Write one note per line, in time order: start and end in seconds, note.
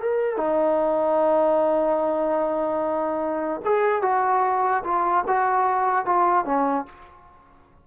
0.00 0.37 A#4
0.37 3.61 D#4
3.65 4.02 G#4
4.02 4.83 F#4
4.84 5.24 F4
5.27 6.06 F#4
6.06 6.45 F4
6.45 6.86 C#4